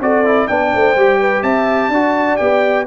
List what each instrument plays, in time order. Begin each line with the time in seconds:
0.00 tuba C4, trombone F#4, horn A4, trumpet D5
0.25 trombone E4
0.47 tuba B3, trombone D4, horn D5, trumpet G5
0.73 tuba A3, horn C5
0.96 tuba G3, trombone G4
1.20 horn B4
1.43 tuba C4, horn E5, trumpet A5
1.89 tuba D4, trombone F#4, horn D5
2.37 tuba B3, trombone G4, trumpet G5